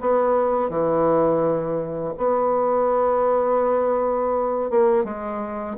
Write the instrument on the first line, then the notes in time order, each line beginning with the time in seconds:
bassoon
0.00 B3
0.69 E3
2.17 B3
4.70 A#3
5.04 G#3